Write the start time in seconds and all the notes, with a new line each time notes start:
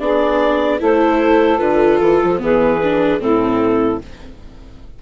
0.00 B3 D4 G#4 D5
0.80 A3 E4 A4 C5
1.59 D3 F4 B4
1.99 E3 A4
2.24 F3
2.39 E3 B3 G#4 B4
2.84 D4
3.20 A2 C4 E4 A4